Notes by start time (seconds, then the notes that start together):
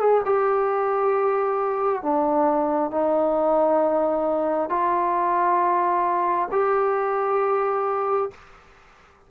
0.00 G#4
0.26 G4
2.03 D4
2.91 D#4
4.70 F4
6.52 G4